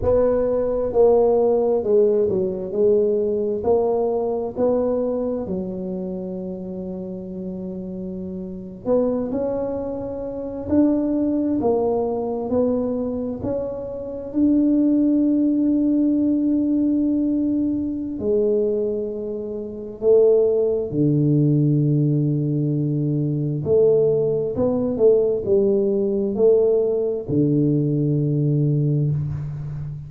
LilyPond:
\new Staff \with { instrumentName = "tuba" } { \time 4/4 \tempo 4 = 66 b4 ais4 gis8 fis8 gis4 | ais4 b4 fis2~ | fis4.~ fis16 b8 cis'4. d'16~ | d'8. ais4 b4 cis'4 d'16~ |
d'1 | gis2 a4 d4~ | d2 a4 b8 a8 | g4 a4 d2 | }